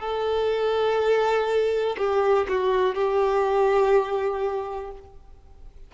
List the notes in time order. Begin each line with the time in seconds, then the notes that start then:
0.00 A4
1.98 G4
2.49 F#4
2.95 G4